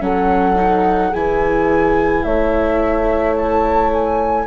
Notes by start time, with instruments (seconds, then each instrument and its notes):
0.00 bassoon F#3, viola C#4, horn A4, flute F#5
0.55 viola D#4
1.10 bassoon E3, viola E4, horn G#4, flute G#5
2.22 bassoon A3, horn C#5, flute E5
3.35 flute A5
3.93 flute G#5